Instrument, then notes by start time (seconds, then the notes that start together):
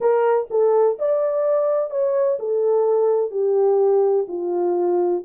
horn
0.00 A#4
0.50 A4
0.98 D5
1.90 C#5
2.39 A4
3.31 G4
4.28 F4